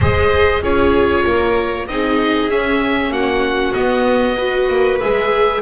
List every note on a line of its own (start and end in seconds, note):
0.00 0.61 G#3
0.00 0.62 G#4
0.00 0.62 C5
0.00 0.63 D#5
0.61 1.24 C#4
0.61 1.87 F4
0.61 1.24 G#4
0.61 1.87 C#5
1.24 1.88 A#3
1.24 1.86 A#4
1.87 2.50 C4
1.87 2.50 D#4
1.87 3.12 G#4
1.87 2.49 D#5
2.50 3.10 C#4
2.50 3.74 C#4
2.50 3.12 E5
3.10 3.72 A#3
3.10 4.36 F#4
3.10 3.73 F#5
3.73 4.36 B3
3.73 4.69 B3
3.73 4.98 D#5
4.36 5.00 F#4
4.36 5.61 B4
4.69 5.00 A#3
4.99 5.61 G#3
4.99 5.61 G#4
4.99 5.61 E5